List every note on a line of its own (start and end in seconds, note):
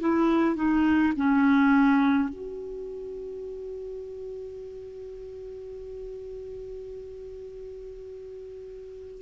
0.00 0.56 E4
0.56 1.13 D#4
1.16 2.29 C#4
2.29 9.22 F#4